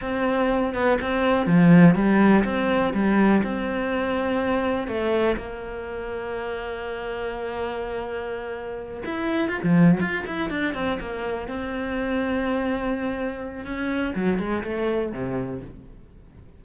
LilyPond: \new Staff \with { instrumentName = "cello" } { \time 4/4 \tempo 4 = 123 c'4. b8 c'4 f4 | g4 c'4 g4 c'4~ | c'2 a4 ais4~ | ais1~ |
ais2~ ais8 e'4 f'16 f16~ | f8 f'8 e'8 d'8 c'8 ais4 c'8~ | c'1 | cis'4 fis8 gis8 a4 c4 | }